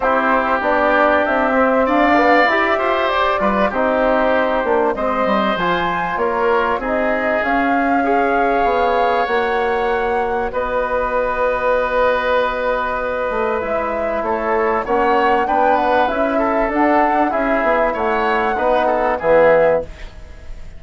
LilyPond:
<<
  \new Staff \with { instrumentName = "flute" } { \time 4/4 \tempo 4 = 97 c''4 d''4 e''4 f''4 | e''4 d''4 c''2 | dis''4 gis''4 cis''4 dis''4 | f''2. fis''4~ |
fis''4 dis''2.~ | dis''2 e''4 cis''4 | fis''4 g''8 fis''8 e''4 fis''4 | e''4 fis''2 e''4 | }
  \new Staff \with { instrumentName = "oboe" } { \time 4/4 g'2. d''4~ | d''8 c''4 b'8 g'2 | c''2 ais'4 gis'4~ | gis'4 cis''2.~ |
cis''4 b'2.~ | b'2. a'4 | cis''4 b'4. a'4. | gis'4 cis''4 b'8 a'8 gis'4 | }
  \new Staff \with { instrumentName = "trombone" } { \time 4/4 e'4 d'4. c'4 b8 | g'4. f'8 dis'4. d'8 | c'4 f'2 dis'4 | cis'4 gis'2 fis'4~ |
fis'1~ | fis'2 e'2 | cis'4 d'4 e'4 d'4 | e'2 dis'4 b4 | }
  \new Staff \with { instrumentName = "bassoon" } { \time 4/4 c'4 b4 c'4 d'4 | e'8 f'8 g'8 g8 c'4. ais8 | gis8 g8 f4 ais4 c'4 | cis'2 b4 ais4~ |
ais4 b2.~ | b4. a8 gis4 a4 | ais4 b4 cis'4 d'4 | cis'8 b8 a4 b4 e4 | }
>>